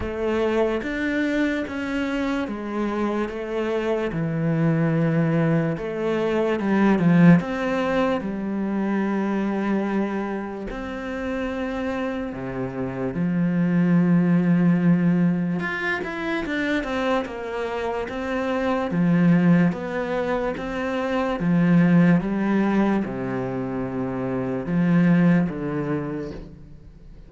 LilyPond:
\new Staff \with { instrumentName = "cello" } { \time 4/4 \tempo 4 = 73 a4 d'4 cis'4 gis4 | a4 e2 a4 | g8 f8 c'4 g2~ | g4 c'2 c4 |
f2. f'8 e'8 | d'8 c'8 ais4 c'4 f4 | b4 c'4 f4 g4 | c2 f4 d4 | }